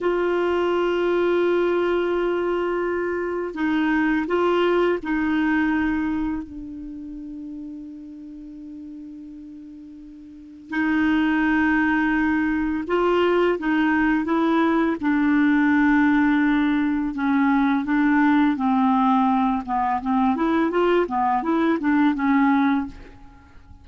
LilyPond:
\new Staff \with { instrumentName = "clarinet" } { \time 4/4 \tempo 4 = 84 f'1~ | f'4 dis'4 f'4 dis'4~ | dis'4 d'2.~ | d'2. dis'4~ |
dis'2 f'4 dis'4 | e'4 d'2. | cis'4 d'4 c'4. b8 | c'8 e'8 f'8 b8 e'8 d'8 cis'4 | }